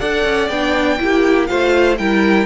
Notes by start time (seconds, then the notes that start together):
0.00 D4 A4 D5 F#5
0.25 C#4
0.49 B3 D4 G5
0.99 A#3 E4 G4
1.47 A3 F4 C5 F5
1.98 G3 E4 A#4 G5